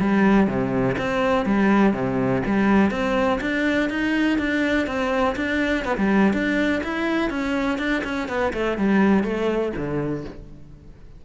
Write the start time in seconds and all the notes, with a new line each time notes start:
0.00 G3
0.47 C3
0.98 C4
1.46 G3
1.93 C3
2.46 G3
2.91 C4
3.41 D4
3.90 D#4
4.38 D4
4.87 C4
5.36 D4
5.85 B3
5.97 G3
6.33 D4
6.84 E4
7.30 C#4
7.78 D4
8.04 C#4
8.28 B3
8.53 A3
8.78 G3
9.24 A3
9.76 D3